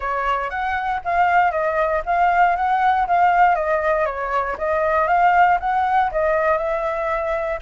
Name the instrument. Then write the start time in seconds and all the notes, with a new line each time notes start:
flute
0.00 C#5
0.49 F#5
1.04 F5
1.51 D#5
2.05 F5
2.56 F#5
3.07 F5
3.55 D#5
4.05 C#5
4.58 D#5
5.07 F5
5.60 F#5
6.11 D#5
6.57 E5